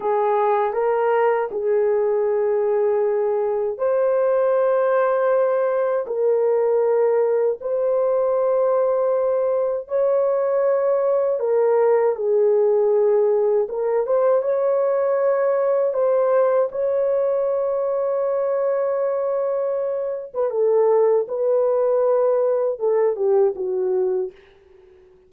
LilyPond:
\new Staff \with { instrumentName = "horn" } { \time 4/4 \tempo 4 = 79 gis'4 ais'4 gis'2~ | gis'4 c''2. | ais'2 c''2~ | c''4 cis''2 ais'4 |
gis'2 ais'8 c''8 cis''4~ | cis''4 c''4 cis''2~ | cis''2~ cis''8. b'16 a'4 | b'2 a'8 g'8 fis'4 | }